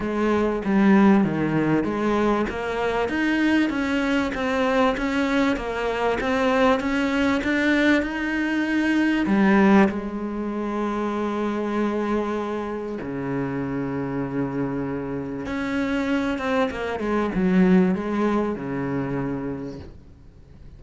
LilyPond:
\new Staff \with { instrumentName = "cello" } { \time 4/4 \tempo 4 = 97 gis4 g4 dis4 gis4 | ais4 dis'4 cis'4 c'4 | cis'4 ais4 c'4 cis'4 | d'4 dis'2 g4 |
gis1~ | gis4 cis2.~ | cis4 cis'4. c'8 ais8 gis8 | fis4 gis4 cis2 | }